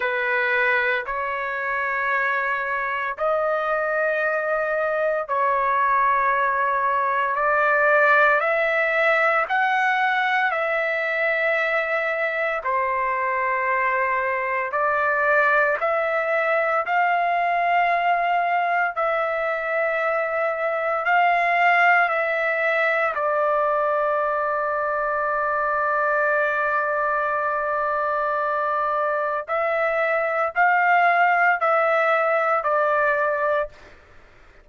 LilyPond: \new Staff \with { instrumentName = "trumpet" } { \time 4/4 \tempo 4 = 57 b'4 cis''2 dis''4~ | dis''4 cis''2 d''4 | e''4 fis''4 e''2 | c''2 d''4 e''4 |
f''2 e''2 | f''4 e''4 d''2~ | d''1 | e''4 f''4 e''4 d''4 | }